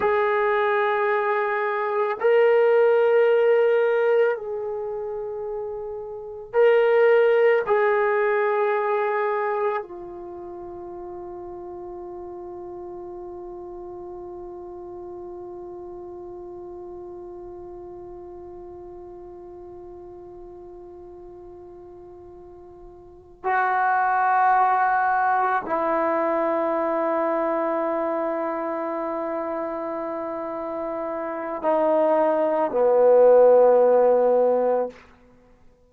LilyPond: \new Staff \with { instrumentName = "trombone" } { \time 4/4 \tempo 4 = 55 gis'2 ais'2 | gis'2 ais'4 gis'4~ | gis'4 f'2.~ | f'1~ |
f'1~ | f'4. fis'2 e'8~ | e'1~ | e'4 dis'4 b2 | }